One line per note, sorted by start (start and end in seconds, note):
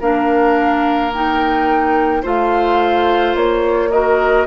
0.00 2.23 A#3
0.00 1.12 D4
0.00 2.22 A#4
0.00 1.13 F5
1.13 2.23 D#4
1.13 2.25 G5
2.22 3.35 A3
2.22 3.90 F4
2.22 3.89 C5
2.22 3.37 F5
3.35 4.46 A#3
3.35 3.91 C#5
3.91 4.47 F#4
3.91 4.47 A#4
3.91 4.47 D#5